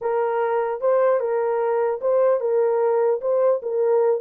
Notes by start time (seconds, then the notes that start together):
0.01 A#4
0.80 C5
1.20 A#4
2.01 C5
2.40 A#4
3.21 C5
3.62 A#4